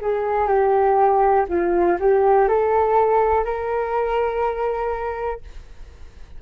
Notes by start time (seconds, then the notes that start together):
0.00 G#4
0.47 G4
1.48 F4
1.99 G4
2.48 A4
3.44 A#4